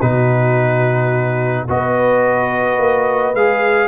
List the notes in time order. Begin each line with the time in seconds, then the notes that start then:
0.00 B2 D#4 F#4 B4
1.68 B3 F#4 B4 D#5
2.79 A#3
3.34 G#3 G#4 F5